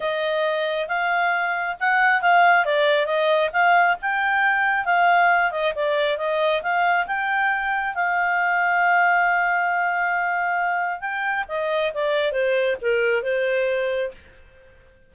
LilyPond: \new Staff \with { instrumentName = "clarinet" } { \time 4/4 \tempo 4 = 136 dis''2 f''2 | fis''4 f''4 d''4 dis''4 | f''4 g''2 f''4~ | f''8 dis''8 d''4 dis''4 f''4 |
g''2 f''2~ | f''1~ | f''4 g''4 dis''4 d''4 | c''4 ais'4 c''2 | }